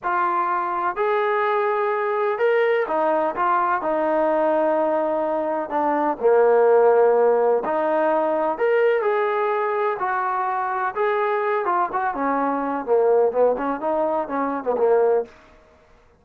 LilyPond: \new Staff \with { instrumentName = "trombone" } { \time 4/4 \tempo 4 = 126 f'2 gis'2~ | gis'4 ais'4 dis'4 f'4 | dis'1 | d'4 ais2. |
dis'2 ais'4 gis'4~ | gis'4 fis'2 gis'4~ | gis'8 f'8 fis'8 cis'4. ais4 | b8 cis'8 dis'4 cis'8. b16 ais4 | }